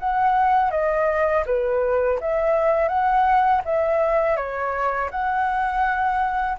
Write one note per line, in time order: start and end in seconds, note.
0.00 0.71 F#5
0.71 1.44 D#5
1.46 2.20 B4
2.21 2.89 E5
2.89 3.62 F#5
3.65 4.37 E5
4.37 5.10 C#5
5.11 6.58 F#5